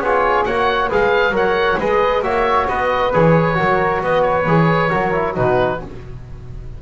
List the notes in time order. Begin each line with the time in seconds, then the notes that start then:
0.00 B3 F4 G#4 C#5
0.45 A#3 F#4 C#5 F#5
0.89 G#3 G#4 B4 F5
1.31 F#3 A#4 F#5
1.38 C#5
1.78 G#3 G#4 B4 D#5
2.22 A#3 F#4 C#5 E5
2.69 B3 B4 D#5
3.13 E3 G#4 C#5
3.55 F#3 F#4 A#4
4.02 B3 B4 D#5
4.23 C#5
4.46 E3 G#4
4.90 F#3 F#4 A#4
5.13 E4
5.34 B2 D#4 F#4 B4